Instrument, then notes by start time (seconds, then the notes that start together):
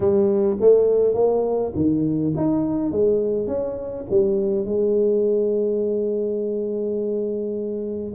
tuba
0.00 G3
0.60 A3
1.14 A#3
1.75 D#3
2.36 D#4
2.91 G#3
3.47 C#4
4.09 G3
4.65 G#3